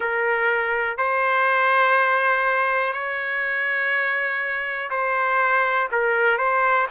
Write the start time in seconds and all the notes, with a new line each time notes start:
0.00 A#4
0.97 C5
2.93 C#5
4.90 C5
5.92 A#4
6.38 C5